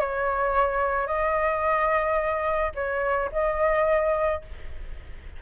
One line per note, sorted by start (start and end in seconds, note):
0.00 1.07 C#5
1.07 2.72 D#5
2.75 3.30 C#5
3.32 4.42 D#5